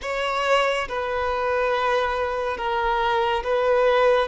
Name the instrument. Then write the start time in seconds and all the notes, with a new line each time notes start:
violin
0.02 C#5
0.88 B4
2.57 A#4
3.43 B4